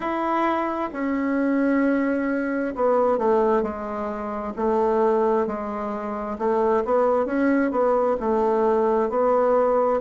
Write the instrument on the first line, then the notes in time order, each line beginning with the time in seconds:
bassoon
0.00 E4
0.93 C#4
2.75 B3
3.17 A3
3.62 G#3
4.56 A3
5.46 G#3
6.38 A3
6.84 B3
7.25 C#4
7.71 B3
8.19 A3
9.09 B3